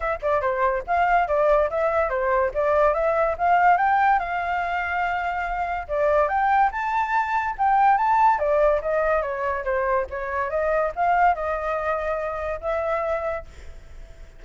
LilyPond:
\new Staff \with { instrumentName = "flute" } { \time 4/4 \tempo 4 = 143 e''8 d''8 c''4 f''4 d''4 | e''4 c''4 d''4 e''4 | f''4 g''4 f''2~ | f''2 d''4 g''4 |
a''2 g''4 a''4 | d''4 dis''4 cis''4 c''4 | cis''4 dis''4 f''4 dis''4~ | dis''2 e''2 | }